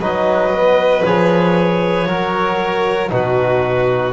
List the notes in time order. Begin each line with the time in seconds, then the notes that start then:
0.00 F#3 D#4 B4 D#5
0.54 B3
1.04 F3 G#4 C#5
2.07 F#3 F#4 A#4
3.09 B2 D#4 F#4 B4